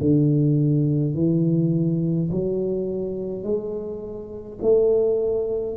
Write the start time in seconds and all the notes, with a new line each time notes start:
0.00 D3
1.14 E3
2.31 F#3
3.43 G#3
4.62 A3